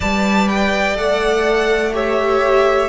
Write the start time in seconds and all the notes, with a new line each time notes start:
0.00 G3 B4 D5 A5
0.48 G5
0.94 A3 A4 F#5
1.92 G4 C#5 E5